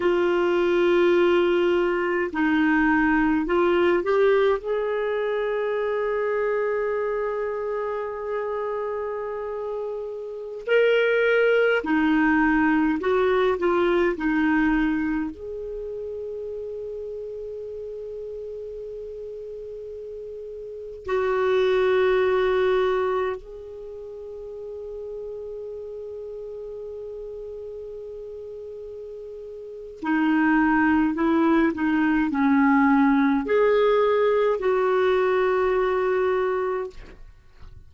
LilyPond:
\new Staff \with { instrumentName = "clarinet" } { \time 4/4 \tempo 4 = 52 f'2 dis'4 f'8 g'8 | gis'1~ | gis'4~ gis'16 ais'4 dis'4 fis'8 f'16~ | f'16 dis'4 gis'2~ gis'8.~ |
gis'2~ gis'16 fis'4.~ fis'16~ | fis'16 gis'2.~ gis'8.~ | gis'2 dis'4 e'8 dis'8 | cis'4 gis'4 fis'2 | }